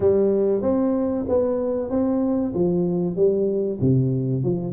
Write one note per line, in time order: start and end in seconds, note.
0.00 0.62 G3
0.62 1.25 C4
1.28 1.90 B3
1.90 2.53 C4
2.54 3.16 F3
3.16 3.79 G3
3.80 4.43 C3
4.43 4.73 F3